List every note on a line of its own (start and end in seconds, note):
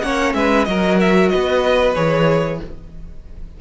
0.00 0.34 A#3
0.00 0.66 C#4
0.00 0.36 C#5
0.00 0.32 F#5
0.34 0.66 G#3
0.34 0.68 B4
0.34 0.65 E5
0.65 1.31 F#3
0.65 1.95 F#4
0.65 1.31 A#4
0.65 0.97 D#5
1.00 1.29 E5
1.29 1.95 B3
1.29 2.60 B4
1.29 1.93 D#5
1.95 2.60 E3
1.95 2.59 G#4
1.95 2.59 C#5